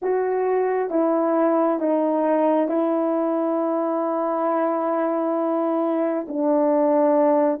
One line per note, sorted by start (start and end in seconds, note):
0.02 0.90 F#4
0.90 1.79 E4
1.79 2.68 D#4
2.68 6.26 E4
6.27 7.60 D4